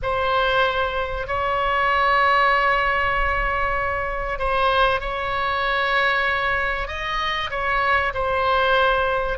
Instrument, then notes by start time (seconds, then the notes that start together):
oboe
0.02 C5
1.27 C#5
4.39 C5
5.00 C#5
6.87 D#5
7.50 C#5
8.14 C5